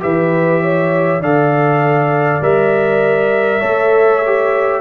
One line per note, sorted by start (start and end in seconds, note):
0.00 1.20 E3
0.00 1.20 G4
0.00 0.62 B4
0.00 1.22 E5
0.62 1.21 C#5
1.20 2.40 D3
1.20 2.42 A4
1.20 3.60 D5
1.20 2.43 F5
2.41 3.61 G3
2.41 3.62 A#4
2.41 4.81 E5
3.60 4.81 A3
3.60 4.22 A4
3.60 4.80 C#5
4.25 4.81 G4